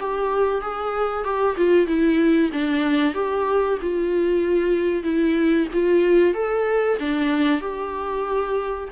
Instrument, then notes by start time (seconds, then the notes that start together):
viola
0.00 G4
0.61 G#4
1.24 G4
1.57 F4
1.87 E4
2.52 D4
3.14 G4
3.82 F4
5.03 E4
5.73 F4
6.34 A4
6.99 D4
7.61 G4